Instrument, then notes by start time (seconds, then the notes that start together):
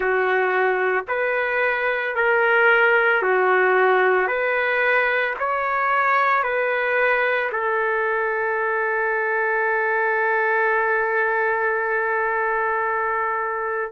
trumpet
0.00 F#4
1.08 B4
2.15 A#4
3.22 F#4
4.27 B4
5.39 C#5
6.43 B4
7.51 A4